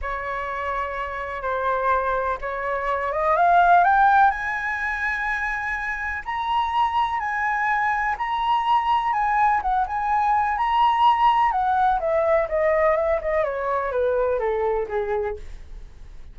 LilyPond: \new Staff \with { instrumentName = "flute" } { \time 4/4 \tempo 4 = 125 cis''2. c''4~ | c''4 cis''4. dis''8 f''4 | g''4 gis''2.~ | gis''4 ais''2 gis''4~ |
gis''4 ais''2 gis''4 | fis''8 gis''4. ais''2 | fis''4 e''4 dis''4 e''8 dis''8 | cis''4 b'4 a'4 gis'4 | }